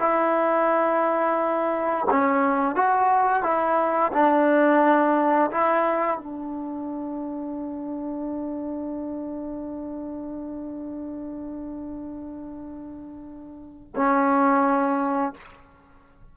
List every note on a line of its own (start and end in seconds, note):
0.00 2.07 E4
2.11 2.76 C#4
2.76 3.43 F#4
3.43 4.12 E4
4.13 5.51 D4
5.51 6.18 E4
6.18 13.94 D4
13.97 15.34 C#4